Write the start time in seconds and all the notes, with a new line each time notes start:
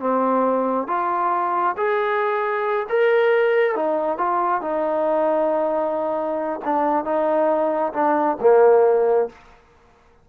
0.00 C4
0.88 F4
1.77 G#4
2.89 A#4
3.75 D#4
4.18 F4
4.62 D#4
6.65 D4
7.05 D#4
7.93 D4
8.41 A#3